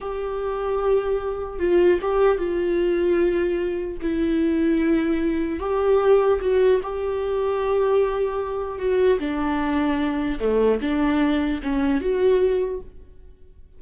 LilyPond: \new Staff \with { instrumentName = "viola" } { \time 4/4 \tempo 4 = 150 g'1 | f'4 g'4 f'2~ | f'2 e'2~ | e'2 g'2 |
fis'4 g'2.~ | g'2 fis'4 d'4~ | d'2 a4 d'4~ | d'4 cis'4 fis'2 | }